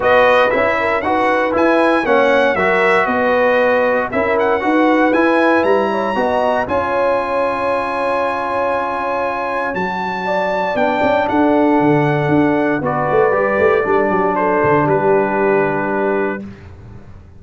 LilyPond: <<
  \new Staff \with { instrumentName = "trumpet" } { \time 4/4 \tempo 4 = 117 dis''4 e''4 fis''4 gis''4 | fis''4 e''4 dis''2 | e''8 fis''4. gis''4 ais''4~ | ais''4 gis''2.~ |
gis''2. a''4~ | a''4 g''4 fis''2~ | fis''4 d''2. | c''4 b'2. | }
  \new Staff \with { instrumentName = "horn" } { \time 4/4 b'4. ais'8 b'2 | cis''4 ais'4 b'2 | ais'4 b'2~ b'8 cis''8 | dis''4 cis''2.~ |
cis''1 | d''2 a'2~ | a'4 b'2 a'8 g'8 | a'4 g'2. | }
  \new Staff \with { instrumentName = "trombone" } { \time 4/4 fis'4 e'4 fis'4 e'4 | cis'4 fis'2. | e'4 fis'4 e'2 | fis'4 f'2.~ |
f'2. fis'4~ | fis'4 d'2.~ | d'4 fis'4 g'4 d'4~ | d'1 | }
  \new Staff \with { instrumentName = "tuba" } { \time 4/4 b4 cis'4 dis'4 e'4 | ais4 fis4 b2 | cis'4 dis'4 e'4 g4 | b4 cis'2.~ |
cis'2. fis4~ | fis4 b8 cis'8 d'4 d4 | d'4 b8 a8 g8 a8 g8 fis8~ | fis8 d8 g2. | }
>>